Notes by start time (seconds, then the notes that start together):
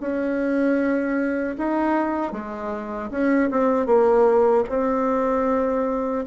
0.00 C#4
1.58 D#4
2.32 G#3
3.11 C#4
3.50 C4
3.86 A#3
4.69 C4